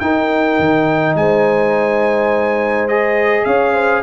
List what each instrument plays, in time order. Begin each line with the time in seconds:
0.00 tuba D#4, trombone D#4, horn A#4, trumpet G5
0.59 tuba D#3
1.15 tuba G#3, horn C5, trumpet G#5
2.88 trombone G#4, trumpet D#5
3.45 tuba C#4, horn C#5, trumpet F5
3.74 horn C5